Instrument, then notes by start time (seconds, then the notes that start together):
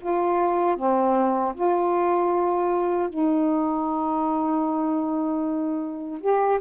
saxophone
0.00 F4
0.76 C4
1.55 F4
3.09 D#4
6.21 G4